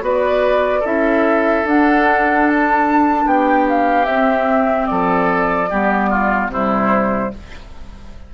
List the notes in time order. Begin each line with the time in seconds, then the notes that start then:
0.00 B3 F#4 B4 D5
0.80 C#4 E4 A4 E5
1.64 D4 F#5
2.49 A5
3.25 B3 G4 G5
3.69 F5
4.05 C4 E5
4.86 F3 A4 D5
5.70 G3 B3 G4
6.10 F4
6.48 C3 G3 E4 C5